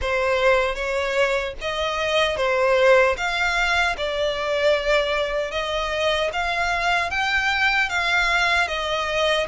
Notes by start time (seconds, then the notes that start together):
0.01 C5
0.75 C#5
1.61 D#5
2.36 C5
3.17 F5
3.97 D5
5.51 D#5
6.32 F5
7.10 G5
7.89 F5
8.67 D#5